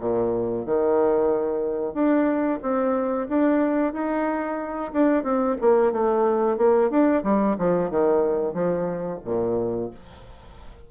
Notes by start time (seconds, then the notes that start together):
0.00 A#2
0.66 D#3
1.94 D4
2.62 C4
3.29 D4
3.93 D#4
4.93 D4
5.24 C4
5.61 A#3
5.93 A3
6.58 A#3
6.91 D4
7.24 G3
7.59 F3
7.90 D#3
8.54 F3
9.25 A#2